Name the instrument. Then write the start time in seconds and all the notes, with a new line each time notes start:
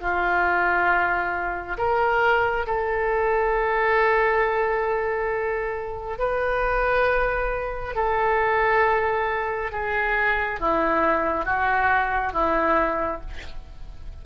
oboe
0.00 F4
1.77 A#4
2.66 A4
6.18 B4
7.95 A4
9.71 G#4
10.60 E4
11.45 F#4
12.32 E4